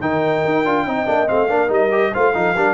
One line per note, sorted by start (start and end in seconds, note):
0.00 0.43 D#3
0.00 0.65 D#4
0.00 0.86 A#4
0.00 1.28 G5
0.45 0.65 D#4
0.65 0.85 D4
0.65 0.87 F4
0.85 1.06 C4
0.85 1.06 D#4
0.85 1.49 D#5
1.06 1.29 A#3
1.06 1.27 D4
1.27 1.50 A3
1.27 1.48 C4
1.27 1.71 F5
1.49 1.69 A#3
1.49 1.68 D4
1.49 2.12 A#4
1.68 2.12 G3
1.68 1.89 D#4
1.68 2.14 D#5
1.91 2.13 G4
2.12 2.35 A3
2.12 2.34 F4
2.12 2.33 C5
2.12 2.74 F5
2.34 2.55 F3
2.34 2.55 D#4
2.34 2.55 A4
2.55 2.74 G3
2.55 2.74 D4
2.55 2.74 A#4